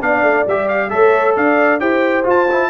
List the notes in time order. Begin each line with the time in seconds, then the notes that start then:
0.00 B3 D4 D5 F5
0.22 A3
0.47 G3 G4 E5
0.68 F5
0.90 A3 A4 C#5 E5
1.36 D4 D5 F5
1.80 E4 G4 C5 G5
2.24 F4 A5
2.51 E4